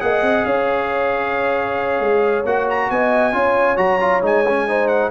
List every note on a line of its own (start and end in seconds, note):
0.00 0.22 A#3
0.00 2.44 G#4
0.00 0.47 D#5
0.00 0.45 F#5
0.22 0.44 C4
0.45 2.00 C#4
0.45 2.91 C#5
0.45 2.45 F5
2.00 2.44 G#3
2.45 2.89 A#3
2.45 3.33 F#4
2.45 2.68 F#5
2.70 2.91 A#5
2.90 3.33 B3
2.90 3.35 D#5
2.90 3.77 G#5
3.33 3.77 C#4
3.33 3.76 F4
3.33 4.68 C#5
3.76 4.22 F#3
3.76 3.99 F#4
3.76 4.21 A#5
4.00 4.22 F4
4.22 5.11 G#3
4.22 4.44 D#4
4.22 4.88 G#5
4.48 4.67 C#4
4.67 5.11 D#4
4.67 5.11 C5
4.88 5.10 F#5